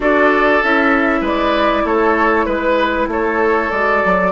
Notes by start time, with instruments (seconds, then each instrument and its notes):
0.00 bassoon D4, clarinet F#4, oboe A4, flute D5
0.63 bassoon C#4, clarinet E4, flute E5
1.20 bassoon G#3, oboe B4, flute D5
1.84 bassoon A3, oboe A4, flute C#5
2.45 bassoon G#3, flute B4, oboe B4
3.07 bassoon A3, oboe A4, flute C#5
3.70 bassoon G#3, clarinet F#4, flute D5
4.04 bassoon F#3